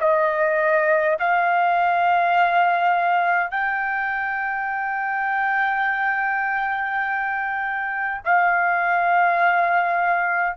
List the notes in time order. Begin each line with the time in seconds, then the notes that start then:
0.00 D#5
1.19 F5
3.51 G5
8.25 F5